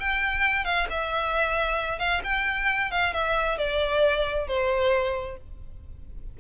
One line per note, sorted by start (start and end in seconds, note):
0.00 0.65 G5
0.65 0.87 F5
0.90 1.99 E5
1.99 2.22 F5
2.24 2.91 G5
2.91 3.14 F5
3.14 3.58 E5
3.58 4.48 D5
4.48 5.37 C5